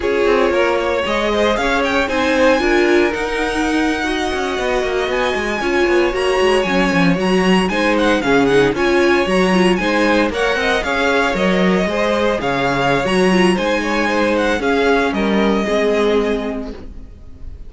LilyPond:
<<
  \new Staff \with { instrumentName = "violin" } { \time 4/4 \tempo 4 = 115 cis''2 dis''4 f''8 g''8 | gis''2 fis''2~ | fis''4.~ fis''16 gis''2 ais''16~ | ais''8. gis''4 ais''4 gis''8 fis''8 f''16~ |
f''16 fis''8 gis''4 ais''4 gis''4 fis''16~ | fis''8. f''4 dis''2 f''16~ | f''4 ais''4 gis''4. fis''8 | f''4 dis''2. | }
  \new Staff \with { instrumentName = "violin" } { \time 4/4 gis'4 ais'8 cis''4 c''8 cis''4 | c''4 ais'2~ ais'8. dis''16~ | dis''2~ dis''8. cis''4~ cis''16~ | cis''2~ cis''8. c''4 gis'16~ |
gis'8. cis''2 c''4 cis''16~ | cis''16 dis''8 cis''2 c''4 cis''16~ | cis''2 c''8 cis''8 c''4 | gis'4 ais'4 gis'2 | }
  \new Staff \with { instrumentName = "viola" } { \time 4/4 f'2 gis'2 | dis'4 f'4 dis'4.~ dis'16 fis'16~ | fis'2~ fis'8. f'4 fis'16~ | fis'8. cis'4 fis'4 dis'4 cis'16~ |
cis'16 dis'8 f'4 fis'8 f'8 dis'4 ais'16~ | ais'8. gis'4 ais'4 gis'4~ gis'16~ | gis'4 fis'8 f'8 dis'2 | cis'2 c'2 | }
  \new Staff \with { instrumentName = "cello" } { \time 4/4 cis'8 c'8 ais4 gis4 cis'4 | c'4 d'4 dis'2~ | dis'16 cis'8 b8 ais8 b8 gis8 cis'8 b8 ais16~ | ais16 gis8 fis8 f8 fis4 gis4 cis16~ |
cis8. cis'4 fis4 gis4 ais16~ | ais16 c'8 cis'4 fis4 gis4 cis16~ | cis4 fis4 gis2 | cis'4 g4 gis2 | }
>>